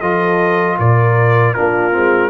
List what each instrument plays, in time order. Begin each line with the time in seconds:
0.00 tuba F3, trombone F4, horn A4, trumpet D#5
0.78 tuba A#2, horn A#4, trumpet D5
1.53 tuba A#3, trombone D4, horn F4, trumpet A#4
1.91 tuba G#3, trombone C4